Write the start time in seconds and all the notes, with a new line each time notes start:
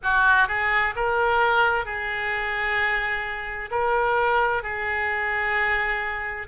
0.03 F#4
0.48 G#4
0.95 A#4
1.85 G#4
3.70 A#4
4.62 G#4